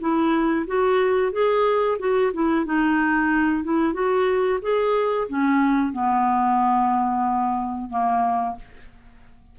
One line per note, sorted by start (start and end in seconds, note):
0.00 0.66 E4
0.67 1.32 F#4
1.32 1.98 G#4
1.99 2.32 F#4
2.33 2.65 E4
2.65 3.64 D#4
3.64 3.93 E4
3.93 4.59 F#4
4.62 5.27 G#4
5.28 5.93 C#4
5.93 7.90 B3
7.90 8.56 A#3